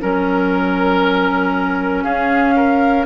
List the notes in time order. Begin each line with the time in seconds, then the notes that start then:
0.00 F#3 C#4 A#4
2.03 C#4 G#4 F5
2.56 A#4